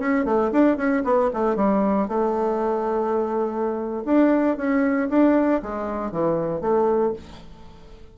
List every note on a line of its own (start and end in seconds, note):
0.00 0.25 C#4
0.25 0.51 A3
0.52 0.78 D4
0.78 1.04 C#4
1.05 1.31 B3
1.34 1.57 A3
1.57 2.09 G3
2.09 4.04 A3
4.05 4.57 D4
4.57 5.09 C#4
5.10 5.62 D4
5.63 6.12 G#3
6.12 6.61 E3
6.61 7.14 A3